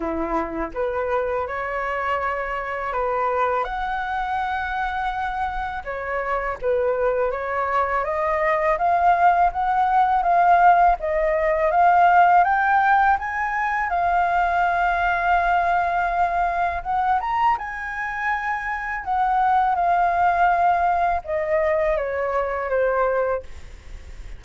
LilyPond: \new Staff \with { instrumentName = "flute" } { \time 4/4 \tempo 4 = 82 e'4 b'4 cis''2 | b'4 fis''2. | cis''4 b'4 cis''4 dis''4 | f''4 fis''4 f''4 dis''4 |
f''4 g''4 gis''4 f''4~ | f''2. fis''8 ais''8 | gis''2 fis''4 f''4~ | f''4 dis''4 cis''4 c''4 | }